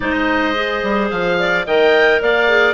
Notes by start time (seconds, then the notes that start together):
0.00 G#3 D#4 C5 D#5
0.54 G#4
0.82 G3
1.10 F3 F5
1.39 D5
1.66 D#3 A#4 D#5 G5
2.21 A#3 D5 F5
2.48 G#4